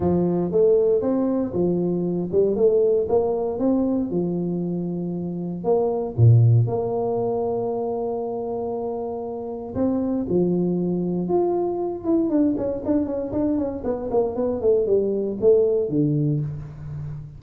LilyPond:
\new Staff \with { instrumentName = "tuba" } { \time 4/4 \tempo 4 = 117 f4 a4 c'4 f4~ | f8 g8 a4 ais4 c'4 | f2. ais4 | ais,4 ais2.~ |
ais2. c'4 | f2 f'4. e'8 | d'8 cis'8 d'8 cis'8 d'8 cis'8 b8 ais8 | b8 a8 g4 a4 d4 | }